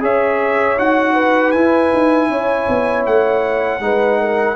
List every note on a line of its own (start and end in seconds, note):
0.00 0.77 C#4
0.00 0.76 G#4
0.00 1.13 C#5
0.00 0.79 E5
0.77 1.53 D#4
0.77 1.54 F#4
0.77 1.51 F#5
1.13 2.27 B4
1.51 1.91 E4
1.51 3.81 E4
1.51 3.03 G#5
1.93 2.28 D#4
2.28 2.66 C#4
2.28 3.82 C#5
2.68 3.06 B3
3.06 3.79 A3
3.06 4.55 F#5
3.79 4.55 G#3
3.79 4.55 D#4
3.79 4.20 B4
4.20 4.55 A#4